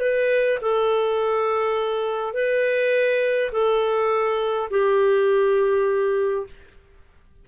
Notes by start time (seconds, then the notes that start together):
0.00 B4
0.61 A4
2.33 B4
3.52 A4
4.70 G4